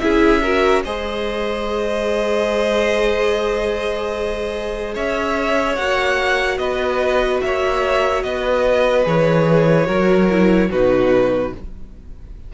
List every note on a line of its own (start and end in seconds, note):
0.00 0.86 C#4
0.00 0.42 E4
0.00 0.42 G#4
0.00 0.82 E5
0.42 0.84 F#4
0.42 0.84 A#4
0.84 4.96 G#3
0.84 5.79 G#4
0.84 4.94 C5
0.84 4.96 D#5
4.94 5.78 C#4
4.94 6.59 C#5
4.94 5.76 E5
5.76 6.58 A#3
5.76 9.04 F#4
5.76 6.58 F#5
6.58 7.40 B3
6.58 7.43 B4
6.58 7.40 D#5
7.41 8.24 A#3
7.41 8.25 C#5
7.41 8.23 E5
8.23 9.06 B3
8.23 9.87 B4
8.23 9.05 D#5
9.04 9.88 E3
9.04 9.86 G#4
9.04 10.71 C#5
9.86 10.71 F#3
9.86 10.27 F#4
9.86 10.69 A#4
10.30 10.71 E4
10.70 11.53 B2
10.70 11.54 D#4
10.70 11.52 F#4
10.70 11.54 B4